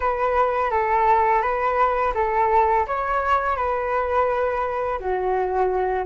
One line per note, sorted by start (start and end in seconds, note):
0.00 0.70 B4
0.70 1.42 A4
1.42 2.13 B4
2.14 2.85 A4
2.86 3.56 C#5
3.56 4.99 B4
4.99 6.05 F#4